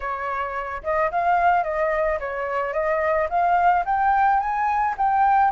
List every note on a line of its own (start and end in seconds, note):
0.00 0.82 C#5
0.83 1.10 D#5
1.11 1.63 F5
1.63 2.18 D#5
2.19 2.73 C#5
2.73 3.28 D#5
3.29 3.84 F5
3.85 4.39 G5
4.39 4.94 G#5
4.97 5.51 G5